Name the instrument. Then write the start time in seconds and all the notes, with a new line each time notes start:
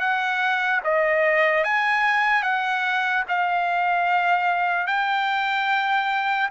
trumpet
0.00 F#5
0.84 D#5
1.64 G#5
2.43 F#5
3.29 F5
4.87 G5